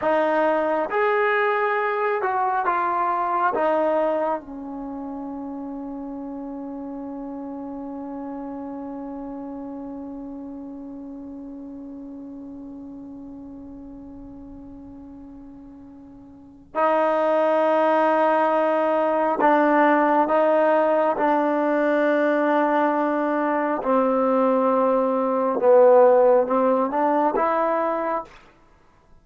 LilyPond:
\new Staff \with { instrumentName = "trombone" } { \time 4/4 \tempo 4 = 68 dis'4 gis'4. fis'8 f'4 | dis'4 cis'2.~ | cis'1~ | cis'1~ |
cis'2. dis'4~ | dis'2 d'4 dis'4 | d'2. c'4~ | c'4 b4 c'8 d'8 e'4 | }